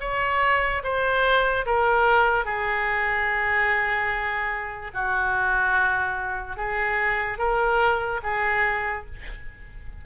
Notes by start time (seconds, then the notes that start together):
0.00 C#5
0.83 C5
1.66 A#4
2.45 G#4
4.94 F#4
6.56 G#4
7.38 A#4
8.23 G#4